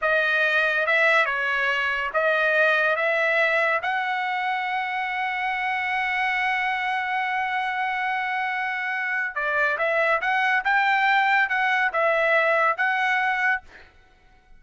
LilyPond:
\new Staff \with { instrumentName = "trumpet" } { \time 4/4 \tempo 4 = 141 dis''2 e''4 cis''4~ | cis''4 dis''2 e''4~ | e''4 fis''2.~ | fis''1~ |
fis''1~ | fis''2 d''4 e''4 | fis''4 g''2 fis''4 | e''2 fis''2 | }